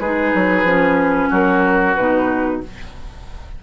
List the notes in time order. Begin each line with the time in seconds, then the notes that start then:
0.00 G#3 D#4 G#4 B4
0.35 F#3
0.64 F3 C#4
1.29 F#3 F#4 A#4
1.95 B2 D#4 B4